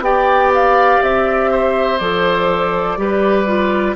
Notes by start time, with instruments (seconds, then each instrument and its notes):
0.00 bassoon B3, clarinet G4, oboe D5, flute G5
0.54 flute F5
1.02 bassoon C4, flute E5
1.51 oboe C5
1.99 bassoon F3, clarinet A4, flute D5
2.98 bassoon G3, clarinet G4, oboe B4
3.47 clarinet F4